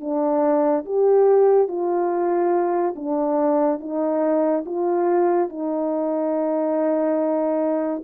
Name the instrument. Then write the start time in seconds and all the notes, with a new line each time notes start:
horn
0.00 D4
0.85 G4
1.67 F4
2.95 D4
3.80 D#4
4.66 F4
5.49 D#4